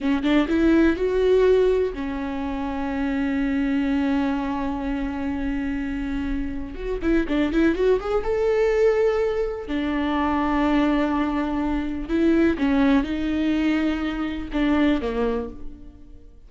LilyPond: \new Staff \with { instrumentName = "viola" } { \time 4/4 \tempo 4 = 124 cis'8 d'8 e'4 fis'2 | cis'1~ | cis'1~ | cis'2 fis'8 e'8 d'8 e'8 |
fis'8 gis'8 a'2. | d'1~ | d'4 e'4 cis'4 dis'4~ | dis'2 d'4 ais4 | }